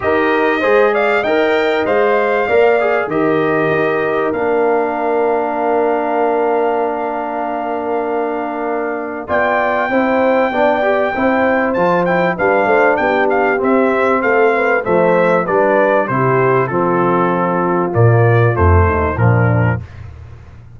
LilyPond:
<<
  \new Staff \with { instrumentName = "trumpet" } { \time 4/4 \tempo 4 = 97 dis''4. f''8 g''4 f''4~ | f''4 dis''2 f''4~ | f''1~ | f''2. g''4~ |
g''2. a''8 g''8 | f''4 g''8 f''8 e''4 f''4 | e''4 d''4 c''4 a'4~ | a'4 d''4 c''4 ais'4 | }
  \new Staff \with { instrumentName = "horn" } { \time 4/4 ais'4 c''8 d''8 dis''2 | d''4 ais'2.~ | ais'1~ | ais'2. d''4 |
c''4 d''4 c''2 | b'8 c''8 g'2 a'8 b'8 | c''4 b'4 g'4 f'4~ | f'2~ f'8 dis'8 d'4 | }
  \new Staff \with { instrumentName = "trombone" } { \time 4/4 g'4 gis'4 ais'4 c''4 | ais'8 gis'8 g'2 d'4~ | d'1~ | d'2. f'4 |
e'4 d'8 g'8 e'4 f'8 e'8 | d'2 c'2 | a4 d'4 e'4 c'4~ | c'4 ais4 a4 f4 | }
  \new Staff \with { instrumentName = "tuba" } { \time 4/4 dis'4 gis4 dis'4 gis4 | ais4 dis4 dis'4 ais4~ | ais1~ | ais2. b4 |
c'4 b4 c'4 f4 | g8 a8 b4 c'4 a4 | f4 g4 c4 f4~ | f4 ais,4 f,8 dis,8 ais,4 | }
>>